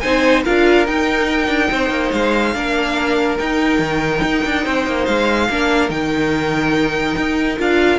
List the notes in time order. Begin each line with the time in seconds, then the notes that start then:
0.00 C4 D#4 C5 G#5
0.43 D4 F4 A#4 F5
0.86 D#4 G5
1.48 D4
1.71 C4 C5
1.90 A#3
2.12 G#3 F5
2.54 A#3 D4 A#4
3.38 D#4 G5
3.79 D#3
4.22 D#4
4.45 D4
4.64 C4 C5
4.86 A#3
5.05 G#3 F5
5.49 A#3 D4 A#4
5.89 D#3 D#4 G5
7.17 D#4
7.58 D4 F4 F5